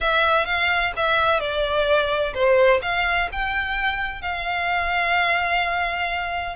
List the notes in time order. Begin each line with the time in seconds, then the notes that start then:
0.01 E5
0.45 F5
0.96 E5
1.39 D5
2.34 C5
2.82 F5
3.32 G5
4.21 F5